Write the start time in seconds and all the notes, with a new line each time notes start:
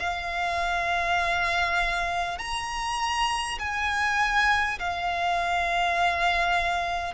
0.00 F5
2.39 A#5
3.59 G#5
4.80 F5